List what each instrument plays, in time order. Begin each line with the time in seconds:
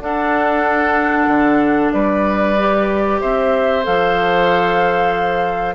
0.00 bassoon D4, clarinet D4, oboe A4, flute F#5
1.27 bassoon D3
1.92 bassoon G3, oboe B4, flute D5
2.58 clarinet G4
3.21 bassoon C4, oboe C5, flute E5
3.83 bassoon F3, clarinet A4, flute F5